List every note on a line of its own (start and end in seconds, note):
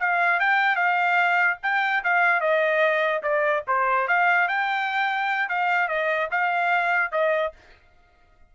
0.00 0.40 F5
0.40 0.76 G5
0.76 1.58 F5
1.63 2.04 G5
2.04 2.41 F5
2.41 3.23 D#5
3.23 3.64 D5
3.68 4.08 C5
4.08 4.49 F5
4.49 5.49 G5
5.49 5.89 F5
5.89 6.29 D#5
6.32 7.12 F5
7.12 7.53 D#5